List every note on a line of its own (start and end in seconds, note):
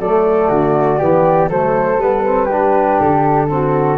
0.00 0.50 F#3
0.00 1.00 A3
0.00 0.49 A4
0.00 1.50 D5
0.49 1.00 D3
0.49 0.99 F#4
0.99 1.50 E3
0.99 1.50 B3
0.99 1.49 G4
1.50 1.98 F#3
1.50 2.00 A3
1.50 2.46 A4
1.50 2.01 C5
1.98 2.98 G3
1.98 2.25 B3
1.98 3.00 B4
2.25 2.50 C4
2.46 3.50 D4
2.46 3.46 G4
3.00 3.99 D3
3.00 3.99 A4
3.50 3.99 C4
3.50 3.99 F#4